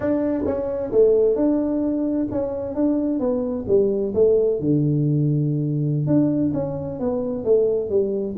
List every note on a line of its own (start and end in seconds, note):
0.00 0.44 D4
0.45 0.91 C#4
0.91 1.35 A3
1.35 2.27 D4
2.31 2.74 C#4
2.74 3.19 D4
3.19 3.65 B3
3.67 4.13 G3
4.14 4.59 A3
4.59 6.06 D3
6.06 6.52 D4
6.53 6.99 C#4
6.99 7.44 B3
7.44 7.89 A3
7.89 8.35 G3